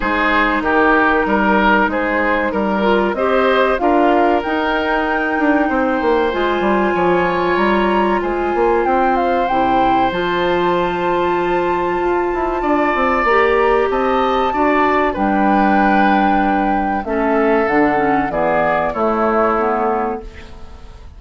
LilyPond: <<
  \new Staff \with { instrumentName = "flute" } { \time 4/4 \tempo 4 = 95 c''4 ais'2 c''4 | ais'4 dis''4 f''4 g''4~ | g''2 gis''2 | ais''4 gis''4 g''8 f''8 g''4 |
a''1~ | a''4 ais''4 a''2 | g''2. e''4 | fis''4 d''4 cis''2 | }
  \new Staff \with { instrumentName = "oboe" } { \time 4/4 gis'4 g'4 ais'4 gis'4 | ais'4 c''4 ais'2~ | ais'4 c''2 cis''4~ | cis''4 c''2.~ |
c''1 | d''2 dis''4 d''4 | b'2. a'4~ | a'4 gis'4 e'2 | }
  \new Staff \with { instrumentName = "clarinet" } { \time 4/4 dis'1~ | dis'8 f'8 g'4 f'4 dis'4~ | dis'2 f'2~ | f'2. e'4 |
f'1~ | f'4 g'2 fis'4 | d'2. cis'4 | d'8 cis'8 b4 a4 b4 | }
  \new Staff \with { instrumentName = "bassoon" } { \time 4/4 gis4 dis4 g4 gis4 | g4 c'4 d'4 dis'4~ | dis'8 d'8 c'8 ais8 gis8 g8 f4 | g4 gis8 ais8 c'4 c4 |
f2. f'8 e'8 | d'8 c'8 ais4 c'4 d'4 | g2. a4 | d4 e4 a2 | }
>>